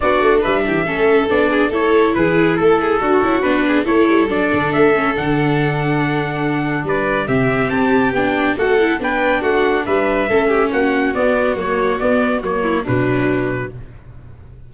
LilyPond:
<<
  \new Staff \with { instrumentName = "trumpet" } { \time 4/4 \tempo 4 = 140 d''4 e''2 d''4 | cis''4 b'4 a'2 | b'4 cis''4 d''4 e''4 | fis''1 |
d''4 e''4 a''4 g''4 | fis''4 g''4 fis''4 e''4~ | e''4 fis''4 d''4 cis''4 | d''4 cis''4 b'2 | }
  \new Staff \with { instrumentName = "violin" } { \time 4/4 fis'4 b'8 g'8 a'4. gis'8 | a'4 gis'4 a'8 gis'8 fis'4~ | fis'8 gis'8 a'2.~ | a'1 |
b'4 g'2. | a'4 b'4 fis'4 b'4 | a'8 g'8 fis'2.~ | fis'4. e'8 d'2 | }
  \new Staff \with { instrumentName = "viola" } { \time 4/4 d'2 cis'4 d'4 | e'2. fis'8 e'8 | d'4 e'4 d'4. cis'8 | d'1~ |
d'4 c'2 d'4 | fis'8 e'8 d'2. | cis'2 b4 ais4 | b4 ais4 fis2 | }
  \new Staff \with { instrumentName = "tuba" } { \time 4/4 b8 a8 g8 e8 a4 b4 | a4 e4 a4 d'8 cis'8 | b4 a8 g8 fis8 d8 a4 | d1 |
g4 c4 c'4 b4 | a4 b4 a4 g4 | a4 ais4 b4 fis4 | b4 fis4 b,2 | }
>>